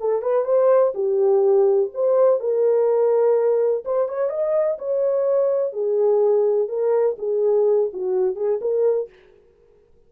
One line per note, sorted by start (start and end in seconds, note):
0.00 0.22 A4
0.22 0.45 B4
0.45 0.93 C5
0.94 1.90 G4
1.94 2.40 C5
2.40 3.84 A#4
3.85 4.08 C5
4.08 4.30 C#5
4.30 4.78 D#5
4.78 5.73 C#5
5.73 6.68 G#4
6.68 7.16 A#4
7.18 7.90 G#4
7.93 8.35 F#4
8.35 8.59 G#4
8.61 9.09 A#4